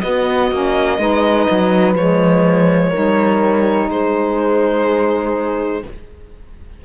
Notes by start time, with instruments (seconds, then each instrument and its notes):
0.00 saxophone B3, cello B3, horn F#4, violin D#5
0.51 cello A#3, saxophone C#4
0.98 cello G#3, saxophone D#4, horn B4
1.50 cello F#3
1.95 cello F3, saxophone G#3, violin C#5
2.90 saxophone D#4, horn A#4
2.96 cello G3
3.89 cello G#3, horn G#4, violin C5